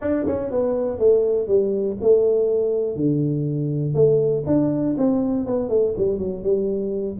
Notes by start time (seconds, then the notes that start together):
0.01 D4
0.26 C#4
0.50 B3
0.98 A3
1.47 G3
2.01 A3
2.96 D3
3.94 A3
4.46 D4
4.97 C4
5.46 B3
5.69 A3
5.97 G3
6.18 F#3
6.43 G3